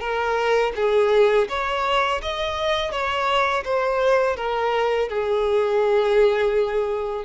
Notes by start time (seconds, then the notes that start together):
0.00 A#4
0.76 G#4
1.49 C#5
2.22 D#5
2.91 C#5
3.64 C5
4.36 A#4
5.09 G#4